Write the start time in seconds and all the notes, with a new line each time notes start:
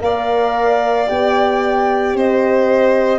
0.00 A#3 A#4 D5 F5
1.08 B3 G4 G5
2.14 C4 C5 D#5